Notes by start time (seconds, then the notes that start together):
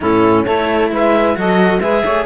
0.00 A2 C#4 E4 A4
0.44 A3 E4 A4 C#5
0.91 G#3 B4 E5
1.34 F#3 F#4 A4 D#5
1.80 G#3 G#4 B4 E5
2.03 A3 C#5